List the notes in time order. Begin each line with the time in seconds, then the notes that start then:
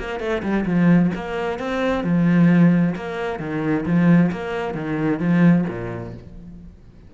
0.00 A#3
0.20 A3
0.43 G3
0.66 F3
1.15 A#3
1.60 C4
2.04 F3
2.96 A#3
3.40 D#3
3.86 F3
4.32 A#3
4.75 D#3
5.20 F3
5.69 A#2